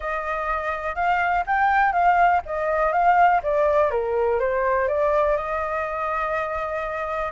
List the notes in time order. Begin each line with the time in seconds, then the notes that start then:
0.00 D#5
0.95 F5
1.46 G5
1.92 F5
2.45 D#5
2.92 F5
3.43 D5
3.90 A#4
4.39 C5
4.88 D5
5.37 D#5